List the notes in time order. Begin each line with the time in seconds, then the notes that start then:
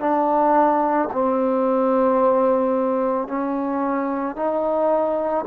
0.00 D4
1.13 C4
3.28 C#4
4.36 D#4